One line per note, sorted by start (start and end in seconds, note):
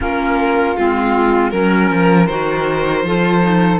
0.00 0.77 A#3
0.00 0.75 C#4
0.00 1.52 F4
0.00 0.76 A#4
0.76 1.52 G#3
0.76 1.52 C4
0.76 1.50 F4
1.50 1.90 F#3
1.50 2.28 C#4
1.50 2.26 A#4
1.50 3.06 A#4
1.90 2.28 F3
2.26 3.03 D#3
2.26 3.05 F#4
2.26 3.78 C5
3.03 3.79 F3
3.03 3.41 F4
3.03 3.79 A4
3.41 3.79 D#4